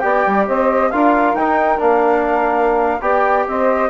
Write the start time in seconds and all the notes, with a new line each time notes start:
0.00 B3 G4 D5 G5
0.26 G3
0.46 C4 C5 D#5
0.91 D4 F4 A#4 F5
1.34 D#4 G5
1.78 A#3 D4 F5
3.01 B3 G4 D5 G5
3.47 C4 C5 D#5